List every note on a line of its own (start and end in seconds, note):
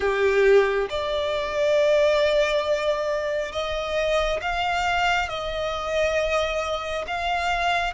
0.00 0.87 G4
0.89 3.52 D5
3.52 4.40 D#5
4.41 5.28 F5
5.28 7.05 D#5
7.07 7.93 F5